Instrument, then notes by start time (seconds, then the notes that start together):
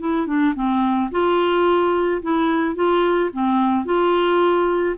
clarinet
0.00 E4
0.27 D4
0.56 C4
1.12 F4
2.22 E4
2.75 F4
3.33 C4
3.86 F4